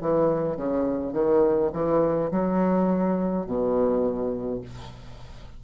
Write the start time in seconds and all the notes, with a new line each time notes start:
0.00 E3
0.57 C#3
1.13 D#3
1.73 E3
2.31 F#3
3.46 B2